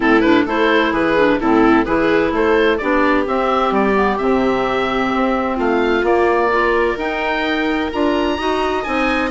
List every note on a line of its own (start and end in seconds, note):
0.00 0.45 A2
0.00 0.20 C4
0.00 0.45 E4
0.00 0.20 A4
0.20 0.47 D4
0.20 0.43 B4
0.45 0.91 A3
0.45 1.17 E4
0.45 0.91 A4
0.45 0.93 C5
0.91 1.38 E3
0.91 1.38 G#4
0.91 1.40 B4
1.17 1.40 D4
1.40 1.86 A2
1.40 1.86 C4
1.40 1.85 E4
1.40 1.85 A4
1.85 2.31 E3
1.85 2.79 E4
1.85 2.32 G#4
1.85 2.31 B4
2.31 2.78 A3
2.31 2.80 A4
2.31 2.77 C5
2.77 3.27 B3
2.77 3.25 D4
2.77 5.55 G4
2.77 3.24 D5
3.25 3.93 C4
3.25 3.71 C4
3.25 3.73 E5
3.71 4.17 G3
3.71 4.17 D5
3.93 4.17 B3
4.17 5.14 C3
4.17 6.02 C4
4.17 5.57 E5
5.14 5.58 C4
5.55 6.02 A3
5.55 6.48 F4
5.55 6.05 F5
6.02 6.49 A#3
6.02 6.95 A#3
6.02 6.98 D5
6.51 6.98 F4
6.51 8.37 A#4
6.96 7.89 D#4
6.96 7.91 D#4
6.96 7.91 G5
7.92 8.39 D4
7.92 8.37 F4
7.92 8.83 A#5
8.37 8.85 D#4
8.37 8.84 F#4
8.37 9.30 D#5
8.83 9.31 C4
8.83 9.30 D#4
8.83 9.30 G#5